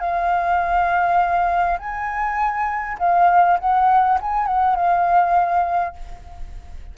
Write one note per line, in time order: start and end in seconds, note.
0.00 1.78 F5
1.79 2.98 G#5
2.99 3.58 F5
3.59 4.19 F#5
4.21 4.47 G#5
4.47 4.76 F#5
4.76 5.95 F5